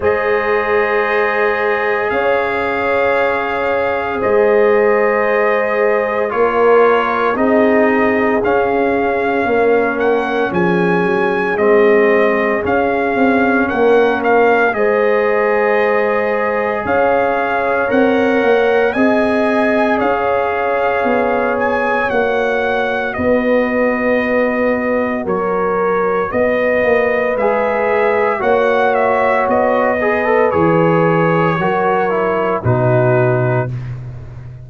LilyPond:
<<
  \new Staff \with { instrumentName = "trumpet" } { \time 4/4 \tempo 4 = 57 dis''2 f''2 | dis''2 cis''4 dis''4 | f''4. fis''8 gis''4 dis''4 | f''4 fis''8 f''8 dis''2 |
f''4 fis''4 gis''4 f''4~ | f''8 gis''8 fis''4 dis''2 | cis''4 dis''4 e''4 fis''8 e''8 | dis''4 cis''2 b'4 | }
  \new Staff \with { instrumentName = "horn" } { \time 4/4 c''2 cis''2 | c''2 ais'4 gis'4~ | gis'4 ais'4 gis'2~ | gis'4 ais'4 c''2 |
cis''2 dis''4 cis''4~ | cis''2 b'2 | ais'4 b'2 cis''4~ | cis''8 b'4. ais'4 fis'4 | }
  \new Staff \with { instrumentName = "trombone" } { \time 4/4 gis'1~ | gis'2 f'4 dis'4 | cis'2. c'4 | cis'2 gis'2~ |
gis'4 ais'4 gis'2~ | gis'4 fis'2.~ | fis'2 gis'4 fis'4~ | fis'8 gis'16 a'16 gis'4 fis'8 e'8 dis'4 | }
  \new Staff \with { instrumentName = "tuba" } { \time 4/4 gis2 cis'2 | gis2 ais4 c'4 | cis'4 ais4 f8 fis8 gis4 | cis'8 c'8 ais4 gis2 |
cis'4 c'8 ais8 c'4 cis'4 | b4 ais4 b2 | fis4 b8 ais8 gis4 ais4 | b4 e4 fis4 b,4 | }
>>